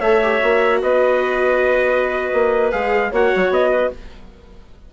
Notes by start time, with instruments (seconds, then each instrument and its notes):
0.00 bassoon A3, viola A4, clarinet C#5, trumpet E5
0.23 viola G4
0.41 bassoon A#3, viola F#4
0.83 bassoon B3, clarinet B4, trumpet D#5
2.33 bassoon A#3
2.71 bassoon G#3, viola G#4, trumpet F5
3.11 bassoon A#3, viola F#4, clarinet C#5, trumpet F#5
3.36 bassoon F#3
3.50 bassoon B3, trumpet D#5
3.70 clarinet B4